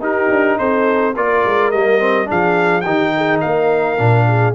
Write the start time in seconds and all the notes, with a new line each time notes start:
0.00 D#4 G4 A#4
0.30 D4
0.58 C4 A4 C5
1.15 A#3 F4 A#4 D5
1.45 G#3
1.71 G3 A#3 D#5
2.00 C4
2.26 F3 D4 G#4 F5
2.81 D#3 D#4 G4 G5
3.17 G#4
3.41 A#3 A#4 F5
3.98 A#2 D4
4.27 G#4